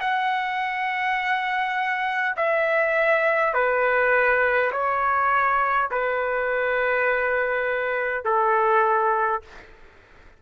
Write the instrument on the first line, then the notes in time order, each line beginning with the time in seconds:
trumpet
0.00 F#5
2.36 E5
3.53 B4
4.71 C#5
5.91 B4
8.24 A4